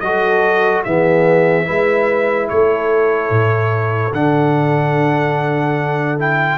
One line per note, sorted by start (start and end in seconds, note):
0.00 0.84 F#3
0.00 0.86 F#4
0.00 0.86 A4
0.00 0.82 D#5
0.84 1.68 E3
0.84 1.65 B3
0.84 1.66 G#4
0.84 2.49 E5
1.65 2.51 G#3
1.65 4.11 E4
1.65 2.48 B4
2.49 3.30 A3
2.49 6.58 A4
2.49 4.13 C#5
3.30 4.12 A2
4.13 6.58 D3
4.13 6.19 D4
4.13 6.19 F#5
6.19 6.58 E4
6.19 6.58 G5